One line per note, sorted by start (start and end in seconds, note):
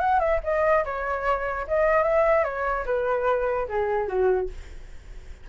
0.00 0.20 F#5
0.20 0.40 E5
0.44 0.85 D#5
0.85 1.67 C#5
1.68 2.04 D#5
2.04 2.44 E5
2.44 2.85 C#5
2.86 3.68 B4
3.69 4.09 G#4
4.09 4.50 F#4